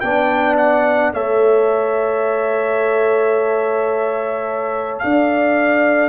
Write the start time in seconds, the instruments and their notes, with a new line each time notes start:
0.00 tuba B3, trombone D4, horn D5, trumpet G5
0.57 trumpet F#5
1.13 tuba A3, trombone A4, horn C#5, trumpet E5
4.99 tuba D4, horn D5, trumpet F5